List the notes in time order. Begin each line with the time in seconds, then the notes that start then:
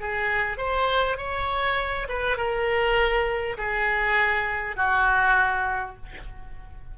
0.00 G#4
0.57 C5
1.17 C#5
2.08 B4
2.37 A#4
3.57 G#4
4.76 F#4